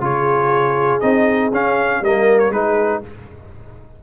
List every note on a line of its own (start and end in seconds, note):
0.00 1.01 C#3
0.00 1.01 F4
0.00 2.02 G#4
0.00 1.00 C#5
1.00 1.52 C4
1.00 1.51 D#4
1.00 1.50 D#5
1.52 2.01 C#4
1.52 2.03 C#4
1.52 2.04 F5
2.01 2.49 G3
2.01 2.52 A#3
2.01 2.52 A#4
2.01 2.39 D#5
2.39 2.51 C#5
2.49 3.00 G#3
2.49 3.03 D#4
2.49 3.02 G#4
2.49 3.02 B4